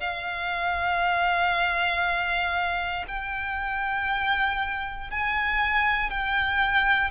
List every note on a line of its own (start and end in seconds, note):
0.00 3.05 F5
3.08 5.11 G5
5.11 6.11 G#5
6.11 7.10 G5